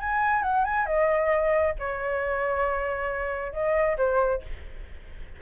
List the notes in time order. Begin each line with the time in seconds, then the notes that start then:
0.00 G#5
0.43 F#5
0.65 G#5
0.86 D#5
1.79 C#5
3.53 D#5
3.98 C5